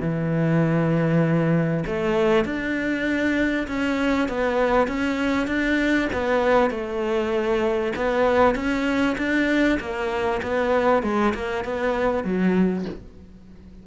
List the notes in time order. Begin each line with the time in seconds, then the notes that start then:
0.00 E3
1.86 A3
2.44 D4
3.67 C#4
4.28 B3
4.87 C#4
5.47 D4
6.13 B3
6.70 A3
7.96 B3
8.55 C#4
9.17 D4
9.79 A#3
10.42 B3
11.03 G#3
11.34 A#3
11.64 B3
12.24 F#3